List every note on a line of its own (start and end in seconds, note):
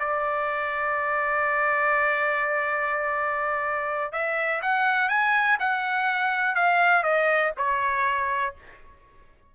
0.00 4.13 D5
4.13 4.62 E5
4.63 5.09 F#5
5.09 5.58 G#5
5.60 6.56 F#5
6.56 7.04 F5
7.04 7.52 D#5
7.58 8.55 C#5